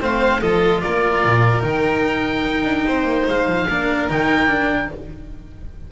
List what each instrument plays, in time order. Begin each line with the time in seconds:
0.00 double bass A3, cello C4, violin C5, oboe F5
0.41 double bass F3, cello F4, violin A4, oboe D#5
0.81 double bass A#3, violin A#4, oboe D5
1.24 double bass A#2
1.60 double bass D#3, cello D#4, oboe G5
2.44 double bass D#4
2.65 double bass D4
2.86 double bass C4, violin C5
3.03 double bass A#3
3.27 double bass G#3, oboe F5
3.47 double bass F3
3.68 double bass A#3, cello D4, violin A#4
4.09 double bass D#3, cello D#4, oboe G5
4.47 cello D4